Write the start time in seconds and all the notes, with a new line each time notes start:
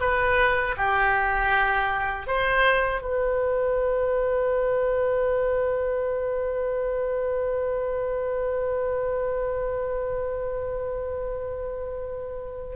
0.00 B4
0.77 G4
2.26 C5
3.01 B4